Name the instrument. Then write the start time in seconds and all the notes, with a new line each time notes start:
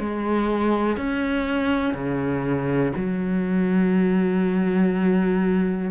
cello
0.00 G#3
0.97 C#4
1.94 C#3
2.96 F#3